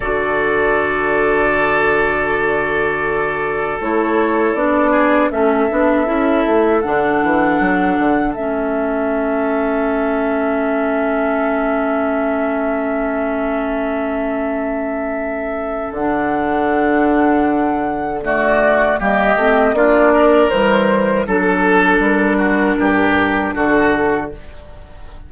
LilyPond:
<<
  \new Staff \with { instrumentName = "flute" } { \time 4/4 \tempo 4 = 79 d''1~ | d''4 cis''4 d''4 e''4~ | e''4 fis''2 e''4~ | e''1~ |
e''1~ | e''4 fis''2. | d''4 dis''4 d''4 c''4 | a'4 ais'2 a'4 | }
  \new Staff \with { instrumentName = "oboe" } { \time 4/4 a'1~ | a'2~ a'8 gis'8 a'4~ | a'1~ | a'1~ |
a'1~ | a'1 | fis'4 g'4 f'8 ais'4. | a'4. fis'8 g'4 fis'4 | }
  \new Staff \with { instrumentName = "clarinet" } { \time 4/4 fis'1~ | fis'4 e'4 d'4 cis'8 d'8 | e'4 d'2 cis'4~ | cis'1~ |
cis'1~ | cis'4 d'2. | a4 ais8 c'8 d'4 g4 | d'1 | }
  \new Staff \with { instrumentName = "bassoon" } { \time 4/4 d1~ | d4 a4 b4 a8 b8 | cis'8 a8 d8 e8 fis8 d8 a4~ | a1~ |
a1~ | a4 d2.~ | d4 g8 a8 ais4 e4 | fis4 g4 g,4 d4 | }
>>